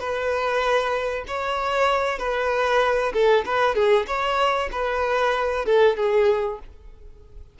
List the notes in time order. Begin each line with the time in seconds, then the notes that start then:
0.00 B4
1.28 C#5
2.19 B4
3.14 A4
3.45 B4
3.75 G#4
4.07 C#5
4.72 B4
5.66 A4
5.97 G#4